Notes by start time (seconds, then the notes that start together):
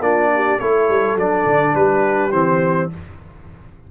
0.00 A#3 D4 F4 D5
0.34 G4
0.60 A3 E4 A4 C#5
0.89 G3
1.16 F#3 D4 D5
1.46 D3
1.75 G3 G4 B4
2.32 E3 C4 C5